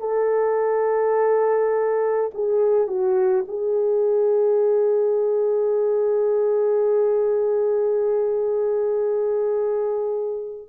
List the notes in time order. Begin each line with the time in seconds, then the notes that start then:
0.00 A4
2.34 G#4
2.87 F#4
3.48 G#4